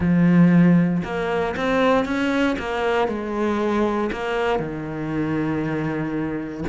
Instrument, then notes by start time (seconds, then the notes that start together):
cello
0.00 F3
1.03 A#3
1.56 C4
2.05 C#4
2.58 A#3
3.07 G#3
4.12 A#3
4.59 D#3